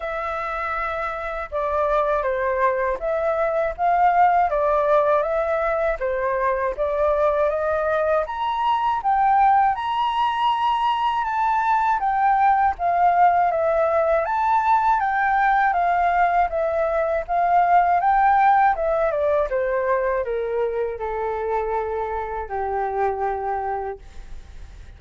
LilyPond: \new Staff \with { instrumentName = "flute" } { \time 4/4 \tempo 4 = 80 e''2 d''4 c''4 | e''4 f''4 d''4 e''4 | c''4 d''4 dis''4 ais''4 | g''4 ais''2 a''4 |
g''4 f''4 e''4 a''4 | g''4 f''4 e''4 f''4 | g''4 e''8 d''8 c''4 ais'4 | a'2 g'2 | }